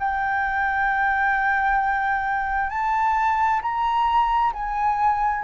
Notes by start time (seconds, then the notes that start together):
0.00 G5
2.70 A5
3.62 A#5
4.53 G#5